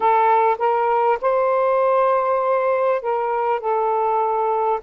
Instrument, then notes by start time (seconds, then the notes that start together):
saxophone
0.00 A4
0.58 A#4
1.21 C5
3.01 A#4
3.60 A4